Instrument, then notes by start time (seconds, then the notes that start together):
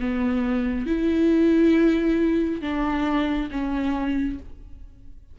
viola
0.00 B3
0.86 E4
2.61 D4
3.51 C#4